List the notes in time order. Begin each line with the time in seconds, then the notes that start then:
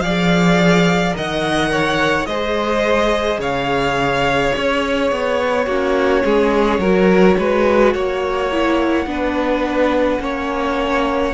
0.00 F3 G#4 D5 F5
1.13 D#3 A#4 D#5 F#5
1.71 C#5
2.26 G#3 G#4 C5 D#5
3.38 C#3 C#5 F5
4.56 C#4 C#5
5.11 B3
5.66 A#3 C#4 F#4
6.24 G#3 G#4
6.79 F#3 F#4 A#4
7.38 G#3 B4
7.93 A#3 C#5 F#5
8.52 E4
9.06 B3 D4 B4
10.19 A#3 C#4 C#5